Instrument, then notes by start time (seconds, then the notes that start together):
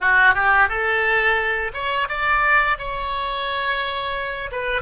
oboe
0.00 F#4
0.34 G4
0.68 A4
1.73 C#5
2.08 D5
2.78 C#5
4.51 B4